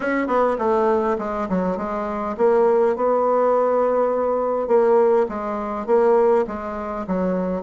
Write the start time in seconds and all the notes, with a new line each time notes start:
0.00 C#4
0.27 B3
0.58 A3
1.18 G#3
1.49 F#3
1.77 G#3
2.37 A#3
2.96 B3
4.67 A#3
5.28 G#3
5.86 A#3
6.47 G#3
7.07 F#3